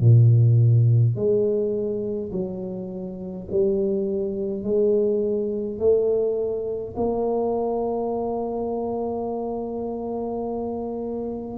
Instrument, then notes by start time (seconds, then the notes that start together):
tuba
0.00 A#2
1.15 G#3
2.32 F#3
3.51 G3
4.63 G#3
5.79 A3
6.96 A#3